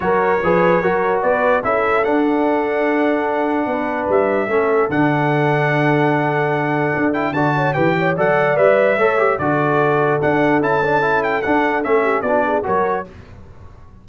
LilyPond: <<
  \new Staff \with { instrumentName = "trumpet" } { \time 4/4 \tempo 4 = 147 cis''2. d''4 | e''4 fis''2.~ | fis''2 e''2 | fis''1~ |
fis''4. g''8 a''4 g''4 | fis''4 e''2 d''4~ | d''4 fis''4 a''4. g''8 | fis''4 e''4 d''4 cis''4 | }
  \new Staff \with { instrumentName = "horn" } { \time 4/4 ais'4 b'4 ais'4 b'4 | a'1~ | a'4 b'2 a'4~ | a'1~ |
a'2 d''8 cis''8 b'8 cis''8 | d''2 cis''4 a'4~ | a'1~ | a'4. g'8 fis'8 gis'8 ais'4 | }
  \new Staff \with { instrumentName = "trombone" } { \time 4/4 fis'4 gis'4 fis'2 | e'4 d'2.~ | d'2. cis'4 | d'1~ |
d'4. e'8 fis'4 g'4 | a'4 b'4 a'8 g'8 fis'4~ | fis'4 d'4 e'8 d'8 e'4 | d'4 cis'4 d'4 fis'4 | }
  \new Staff \with { instrumentName = "tuba" } { \time 4/4 fis4 f4 fis4 b4 | cis'4 d'2.~ | d'4 b4 g4 a4 | d1~ |
d4 d'4 d4 e4 | fis4 g4 a4 d4~ | d4 d'4 cis'2 | d'4 a4 b4 fis4 | }
>>